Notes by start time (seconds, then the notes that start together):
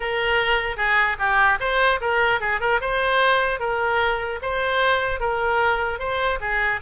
0.00 A#4
0.76 G#4
1.18 G4
1.60 C5
2.00 A#4
2.40 G#4
2.60 A#4
2.81 C5
3.59 A#4
4.42 C5
5.19 A#4
5.99 C5
6.40 G#4